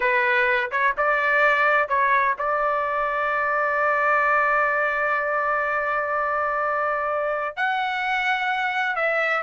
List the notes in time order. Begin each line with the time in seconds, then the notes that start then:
0.00 B4
0.71 C#5
0.97 D5
1.88 C#5
2.38 D5
7.56 F#5
8.96 E5